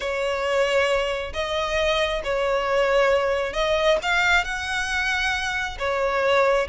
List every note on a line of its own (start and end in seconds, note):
0.00 1.33 C#5
1.33 2.22 D#5
2.24 3.53 C#5
3.53 3.97 D#5
4.02 4.44 F5
4.44 5.77 F#5
5.78 6.67 C#5